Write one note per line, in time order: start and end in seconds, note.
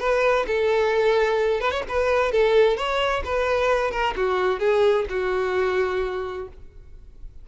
0.00 0.46 B4
0.47 1.61 A4
1.61 1.71 B4
1.71 1.83 C#5
1.89 2.32 B4
2.32 2.77 A4
2.77 3.23 C#5
3.25 3.91 B4
3.91 4.15 A#4
4.16 4.60 F#4
4.60 5.06 G#4
5.10 6.48 F#4